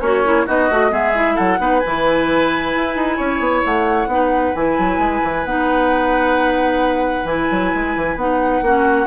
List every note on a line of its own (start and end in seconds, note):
0.00 0.46 A#3
0.00 0.45 C#4
0.00 0.24 F#4
0.00 0.46 C#5
0.24 0.47 E4
0.46 0.70 B3
0.46 0.70 D#4
0.46 0.91 F#4
0.46 0.93 D#5
0.70 0.91 A3
0.70 0.90 F#4
0.90 1.37 G#3
0.90 1.13 B3
0.90 1.35 G#4
0.90 1.36 E5
1.14 1.58 E4
1.35 1.59 F#3
1.35 1.57 A4
1.35 1.79 F#5
1.58 1.82 B3
1.58 1.81 D#4
1.58 3.16 B4
1.79 2.76 E3
1.79 3.61 G#5
1.86 4.09 E4
2.76 2.95 E4
2.95 3.18 D#4
3.16 3.39 C#4
3.16 4.07 C#5
3.39 3.62 B3
3.64 4.07 A3
3.64 4.55 F#5
4.07 4.52 B3
4.07 4.55 D#4
4.13 8.64 B4
4.55 4.78 E3
4.55 5.46 E4
4.55 5.45 G#5
4.78 4.98 F#3
4.98 5.21 G#3
5.23 5.45 E3
5.45 7.24 B3
5.45 7.26 D#4
5.45 7.26 F#5
7.24 7.47 E3
7.24 8.17 E4
7.24 8.17 G#5
7.51 7.73 F#3
7.74 7.96 G#3
7.96 8.16 E3
8.16 8.61 B3
8.16 8.64 D#4
8.16 9.07 F#5
8.61 9.07 A#3
8.61 9.07 C#4
8.61 9.07 F#4